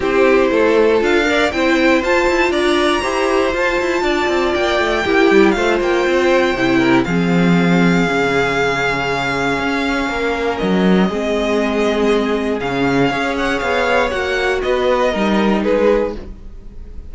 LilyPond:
<<
  \new Staff \with { instrumentName = "violin" } { \time 4/4 \tempo 4 = 119 c''2 f''4 g''4 | a''4 ais''2 a''4~ | a''4 g''2 f''8 g''8~ | g''2 f''2~ |
f''1~ | f''4 dis''2.~ | dis''4 f''4. fis''8 f''4 | fis''4 dis''2 b'4 | }
  \new Staff \with { instrumentName = "violin" } { \time 4/4 g'4 a'4. d''8 c''4~ | c''4 d''4 c''2 | d''2 g'4 c''4~ | c''4. ais'8 gis'2~ |
gis'1 | ais'2 gis'2~ | gis'2 cis''2~ | cis''4 b'4 ais'4 gis'4 | }
  \new Staff \with { instrumentName = "viola" } { \time 4/4 e'2 f'8 ais'8 e'4 | f'2 g'4 f'4~ | f'2 e'4 f'4~ | f'4 e'4 c'2 |
cis'1~ | cis'2 c'2~ | c'4 cis'4 gis'2 | fis'2 dis'2 | }
  \new Staff \with { instrumentName = "cello" } { \time 4/4 c'4 a4 d'4 c'4 | f'8 e'8 d'4 e'4 f'8 e'8 | d'8 c'8 ais8 a8 ais8 g8 a8 ais8 | c'4 c4 f2 |
cis2. cis'4 | ais4 fis4 gis2~ | gis4 cis4 cis'4 b4 | ais4 b4 g4 gis4 | }
>>